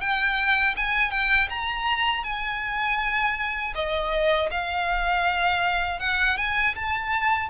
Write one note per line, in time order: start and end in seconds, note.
0.00 0.75 G5
0.76 1.10 G#5
1.10 1.48 G5
1.49 2.23 A#5
2.23 3.73 G#5
3.74 4.49 D#5
4.51 5.99 F5
5.99 6.37 F#5
6.37 6.74 G#5
6.75 7.49 A5